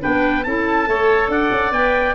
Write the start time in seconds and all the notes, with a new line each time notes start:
0.00 B3 D4 B4 G5
0.44 C#4 E4 A4 A5
0.87 A3 A4 C#5
1.28 D4 D5 F#5
1.51 C#4
1.71 B3 B4 G5